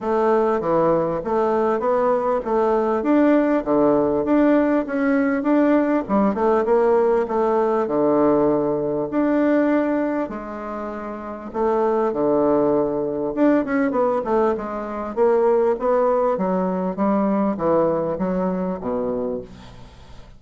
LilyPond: \new Staff \with { instrumentName = "bassoon" } { \time 4/4 \tempo 4 = 99 a4 e4 a4 b4 | a4 d'4 d4 d'4 | cis'4 d'4 g8 a8 ais4 | a4 d2 d'4~ |
d'4 gis2 a4 | d2 d'8 cis'8 b8 a8 | gis4 ais4 b4 fis4 | g4 e4 fis4 b,4 | }